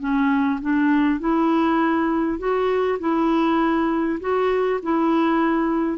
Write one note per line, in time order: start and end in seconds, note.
0.00 0.60 C#4
0.61 1.20 D4
1.20 2.38 E4
2.38 2.98 F#4
2.99 4.19 E4
4.21 4.81 F#4
4.82 5.98 E4